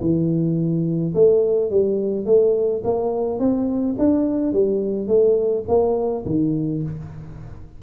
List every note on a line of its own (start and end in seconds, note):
0.00 1.13 E3
1.14 1.70 A3
1.70 2.25 G3
2.25 2.82 A3
2.84 3.39 A#3
3.39 3.95 C4
3.98 4.53 D4
4.53 5.07 G3
5.07 5.64 A3
5.68 6.24 A#3
6.25 6.82 D#3